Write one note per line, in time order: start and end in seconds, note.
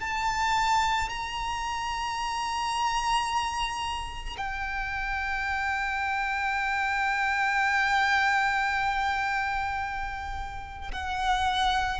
0.00 1.09 A5
1.09 4.36 A#5
4.37 10.91 G5
10.92 12.00 F#5